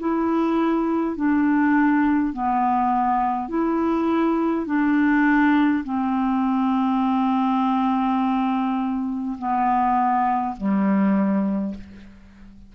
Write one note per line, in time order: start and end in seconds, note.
0.00 1.16 E4
1.16 2.33 D4
2.33 3.49 B3
3.49 4.66 E4
4.66 5.84 D4
5.84 9.37 C4
9.39 10.56 B3
10.57 11.75 G3